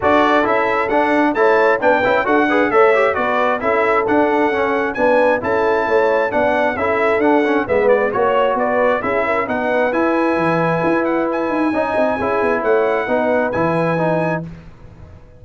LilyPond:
<<
  \new Staff \with { instrumentName = "trumpet" } { \time 4/4 \tempo 4 = 133 d''4 e''4 fis''4 a''4 | g''4 fis''4 e''4 d''4 | e''4 fis''2 gis''4 | a''2 fis''4 e''4 |
fis''4 e''8 d''8 cis''4 d''4 | e''4 fis''4 gis''2~ | gis''8 fis''8 gis''2. | fis''2 gis''2 | }
  \new Staff \with { instrumentName = "horn" } { \time 4/4 a'2. cis''4 | b'4 a'8 b'8 cis''4 b'4 | a'2. b'4 | a'4 cis''4 d''4 a'4~ |
a'4 b'4 cis''4 b'4 | gis'8 ais'8 b'2.~ | b'2 dis''4 gis'4 | cis''4 b'2. | }
  \new Staff \with { instrumentName = "trombone" } { \time 4/4 fis'4 e'4 d'4 e'4 | d'8 e'8 fis'8 gis'8 a'8 g'8 fis'4 | e'4 d'4 cis'4 d'4 | e'2 d'4 e'4 |
d'8 cis'8 b4 fis'2 | e'4 dis'4 e'2~ | e'2 dis'4 e'4~ | e'4 dis'4 e'4 dis'4 | }
  \new Staff \with { instrumentName = "tuba" } { \time 4/4 d'4 cis'4 d'4 a4 | b8 cis'8 d'4 a4 b4 | cis'4 d'4 cis'4 b4 | cis'4 a4 b4 cis'4 |
d'4 gis4 ais4 b4 | cis'4 b4 e'4 e4 | e'4. dis'8 cis'8 c'8 cis'8 b8 | a4 b4 e2 | }
>>